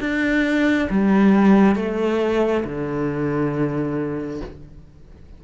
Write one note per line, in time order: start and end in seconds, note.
0.00 0.88 D4
0.90 1.75 G3
1.75 2.64 A3
2.64 4.40 D3